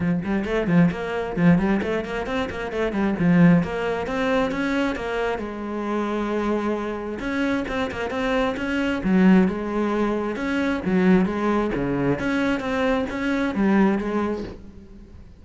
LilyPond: \new Staff \with { instrumentName = "cello" } { \time 4/4 \tempo 4 = 133 f8 g8 a8 f8 ais4 f8 g8 | a8 ais8 c'8 ais8 a8 g8 f4 | ais4 c'4 cis'4 ais4 | gis1 |
cis'4 c'8 ais8 c'4 cis'4 | fis4 gis2 cis'4 | fis4 gis4 cis4 cis'4 | c'4 cis'4 g4 gis4 | }